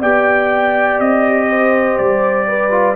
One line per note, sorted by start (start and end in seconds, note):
0.00 1.00 B3
0.00 2.70 G4
0.00 1.48 D5
0.00 1.00 G5
1.00 1.98 C4
1.00 1.97 D#5
1.49 2.47 C5
1.97 2.95 G3
1.97 2.95 D5
2.48 2.95 B4
2.70 2.95 F4